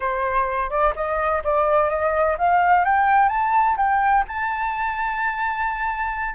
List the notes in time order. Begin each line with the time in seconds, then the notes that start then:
0.00 C5
0.70 D5
0.95 D#5
1.43 D5
1.89 D#5
2.38 F5
2.85 G5
3.29 A5
3.77 G5
4.27 A5